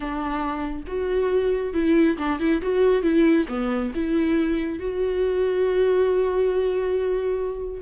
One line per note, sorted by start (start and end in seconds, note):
0.00 0.84 D4
0.87 1.73 F#4
1.73 2.17 E4
2.17 2.39 D4
2.39 2.61 E4
2.62 3.02 F#4
3.02 3.46 E4
3.48 3.92 B3
3.94 4.79 E4
4.79 7.81 F#4